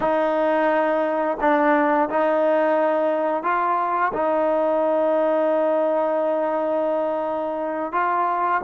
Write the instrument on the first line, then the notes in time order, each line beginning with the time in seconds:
trombone
0.00 D#4
1.40 D4
2.09 D#4
3.43 F4
4.13 D#4
7.92 F4